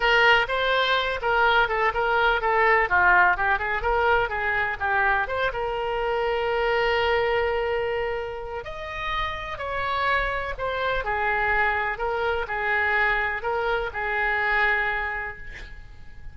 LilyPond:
\new Staff \with { instrumentName = "oboe" } { \time 4/4 \tempo 4 = 125 ais'4 c''4. ais'4 a'8 | ais'4 a'4 f'4 g'8 gis'8 | ais'4 gis'4 g'4 c''8 ais'8~ | ais'1~ |
ais'2 dis''2 | cis''2 c''4 gis'4~ | gis'4 ais'4 gis'2 | ais'4 gis'2. | }